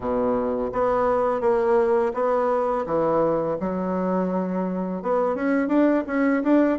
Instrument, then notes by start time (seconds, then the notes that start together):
bassoon
0.00 B2
0.72 B3
1.41 A#3
2.14 B3
2.86 E3
3.59 F#3
5.02 B3
5.35 C#4
5.68 D4
6.06 C#4
6.43 D4